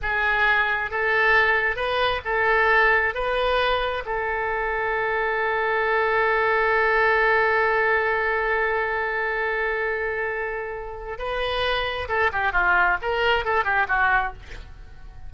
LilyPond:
\new Staff \with { instrumentName = "oboe" } { \time 4/4 \tempo 4 = 134 gis'2 a'2 | b'4 a'2 b'4~ | b'4 a'2.~ | a'1~ |
a'1~ | a'1~ | a'4 b'2 a'8 g'8 | f'4 ais'4 a'8 g'8 fis'4 | }